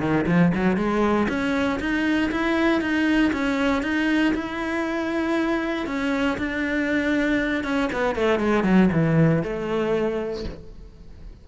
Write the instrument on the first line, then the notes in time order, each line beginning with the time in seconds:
cello
0.00 D#3
0.26 F3
0.54 F#3
0.77 G#3
1.29 C#4
1.80 D#4
2.31 E4
2.81 D#4
3.33 C#4
3.83 D#4
4.34 E4
5.87 C#4
6.38 D4
7.64 C#4
7.93 B3
8.15 A3
8.39 G#3
8.64 F#3
8.92 E3
9.43 A3